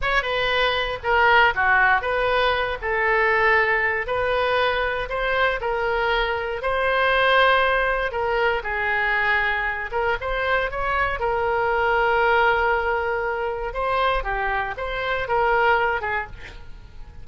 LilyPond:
\new Staff \with { instrumentName = "oboe" } { \time 4/4 \tempo 4 = 118 cis''8 b'4. ais'4 fis'4 | b'4. a'2~ a'8 | b'2 c''4 ais'4~ | ais'4 c''2. |
ais'4 gis'2~ gis'8 ais'8 | c''4 cis''4 ais'2~ | ais'2. c''4 | g'4 c''4 ais'4. gis'8 | }